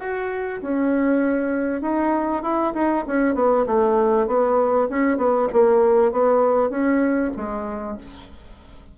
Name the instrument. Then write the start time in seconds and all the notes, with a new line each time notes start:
bassoon
0.00 F#4
0.62 C#4
1.82 D#4
2.43 E4
2.74 D#4
3.08 C#4
3.35 B3
3.67 A3
4.27 B3
4.90 C#4
5.18 B3
5.53 A#3
6.12 B3
6.70 C#4
7.37 G#3